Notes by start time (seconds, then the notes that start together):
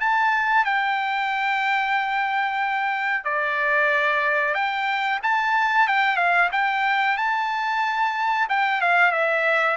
0.00 A5
0.65 G5
3.25 D5
4.54 G5
5.23 A5
5.88 G5
6.17 F5
6.52 G5
7.17 A5
8.50 G5
8.81 F5
9.12 E5